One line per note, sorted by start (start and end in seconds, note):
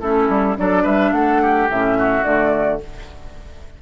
0.00 0.29 A3
0.00 0.56 C#4
0.00 0.57 E4
0.00 0.56 A4
0.29 0.57 G3
0.56 0.85 F#3
0.56 1.68 D4
0.56 0.82 A4
0.56 0.86 D5
0.82 1.12 G3
0.82 1.11 B4
0.82 1.13 E5
1.12 1.68 A3
1.12 1.42 A4
1.12 1.69 F#5
1.42 1.98 G4
1.70 2.24 A2
1.70 2.23 C#4
1.70 2.24 E5
1.98 2.82 F#4
2.23 2.80 D3
2.23 2.79 A3
2.23 2.80 D5